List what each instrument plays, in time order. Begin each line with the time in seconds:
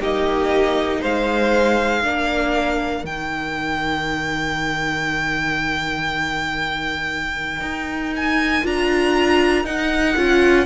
0.00 cello A#3, viola D#4, violin G4 D#5
1.01 cello G#3, violin C5 F5
2.01 cello A#3, viola D4, violin A#4
3.04 cello D#3, viola D#4, violin G5
7.61 cello D#4
8.16 violin G#5
8.63 cello D4, viola F4, violin A#5
9.65 cello D#4, viola D#4, violin F#5
10.16 cello C#4, viola F4